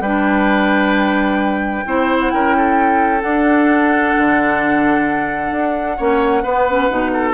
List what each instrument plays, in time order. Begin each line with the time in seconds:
0.00 bassoon G3, clarinet D4, oboe B4, flute G5
1.85 bassoon C4, clarinet E4, oboe C5
2.20 flute F#5
2.31 bassoon C#4, oboe A#4, flute G5
2.57 oboe A4
3.21 clarinet D4, bassoon D4, flute F#5
4.17 bassoon D3
5.51 bassoon D4
5.97 bassoon A#3, clarinet C#4, oboe C#5
6.42 bassoon B3, clarinet B3, oboe B4
6.69 clarinet C#4
6.90 bassoon B2, clarinet D#4
7.13 oboe A4